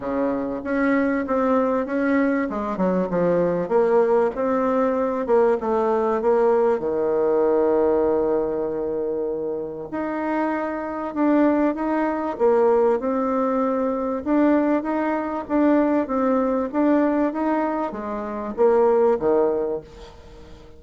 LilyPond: \new Staff \with { instrumentName = "bassoon" } { \time 4/4 \tempo 4 = 97 cis4 cis'4 c'4 cis'4 | gis8 fis8 f4 ais4 c'4~ | c'8 ais8 a4 ais4 dis4~ | dis1 |
dis'2 d'4 dis'4 | ais4 c'2 d'4 | dis'4 d'4 c'4 d'4 | dis'4 gis4 ais4 dis4 | }